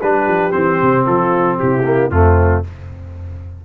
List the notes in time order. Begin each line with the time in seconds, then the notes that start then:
0.00 G3 D4 G4 B4
0.27 F3
0.51 E3 C4 C5
0.82 C3
1.05 F3 F4 A4
1.59 C3 E4 G4
1.84 A#3
2.10 F2 A3 C4 F4